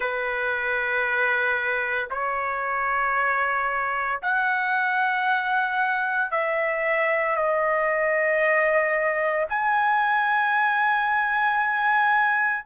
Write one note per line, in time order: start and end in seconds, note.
0.00 2.09 B4
2.10 4.21 C#5
4.22 6.31 F#5
6.31 7.35 E5
7.35 9.46 D#5
9.49 12.65 G#5